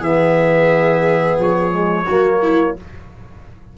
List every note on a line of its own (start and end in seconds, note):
0.00 1.37 E3
0.00 1.72 B3
0.00 2.05 G#4
0.00 1.39 E5
1.39 2.07 F3
1.39 2.78 C#5
1.72 2.06 G#3
2.05 2.76 F#3
2.05 2.77 A#3
2.05 2.39 F#4
2.42 2.77 E4